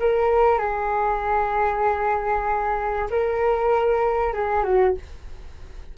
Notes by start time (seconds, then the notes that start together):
0.00 A#4
0.59 G#4
3.11 A#4
4.34 G#4
4.64 F#4